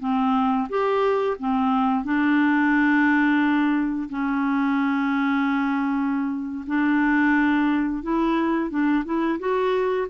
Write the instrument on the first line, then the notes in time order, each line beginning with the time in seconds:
clarinet
0.00 C4
0.69 G4
1.39 C4
2.05 D4
4.09 C#4
6.67 D4
8.03 E4
8.70 D4
9.05 E4
9.40 F#4